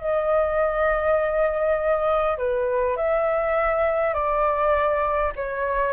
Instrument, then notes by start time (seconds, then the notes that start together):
flute
0.00 D#5
2.38 B4
2.96 E5
4.14 D5
5.35 C#5